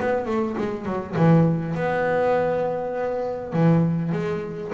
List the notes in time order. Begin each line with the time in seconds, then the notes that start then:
0.00 B3
0.26 A3
0.58 G#3
0.85 F#3
1.16 E3
1.75 B3
3.53 E3
4.12 G#3